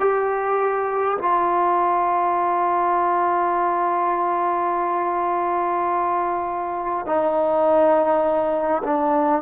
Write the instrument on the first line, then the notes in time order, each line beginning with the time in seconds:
trombone
0.00 G4
1.18 F4
7.06 D#4
8.83 D4